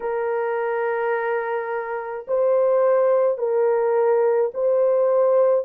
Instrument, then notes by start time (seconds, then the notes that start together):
horn
0.00 A#4
2.27 C5
3.38 A#4
4.53 C5